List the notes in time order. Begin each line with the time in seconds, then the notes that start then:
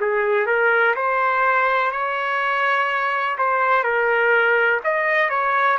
0.00 G#4
0.46 A#4
0.95 C5
1.91 C#5
3.37 C5
3.83 A#4
4.84 D#5
5.29 C#5